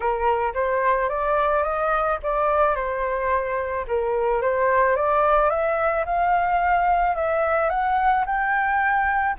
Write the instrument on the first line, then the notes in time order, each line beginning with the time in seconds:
flute
0.00 A#4
0.54 C5
1.09 D5
1.63 D#5
2.22 D5
2.75 C5
3.87 A#4
4.41 C5
4.96 D5
5.49 E5
6.05 F5
7.15 E5
7.69 F#5
8.25 G5